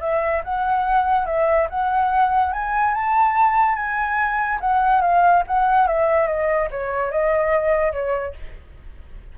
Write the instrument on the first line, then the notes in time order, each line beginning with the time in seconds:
flute
0.00 E5
0.44 F#5
1.26 E5
1.69 F#5
2.53 G#5
2.94 A5
3.75 G#5
4.60 F#5
5.01 F5
5.47 F#5
5.87 E5
6.27 D#5
6.70 C#5
7.11 D#5
7.92 C#5